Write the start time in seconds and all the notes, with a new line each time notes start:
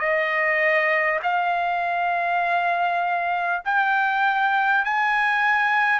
0.00 D#5
1.23 F5
3.65 G5
4.85 G#5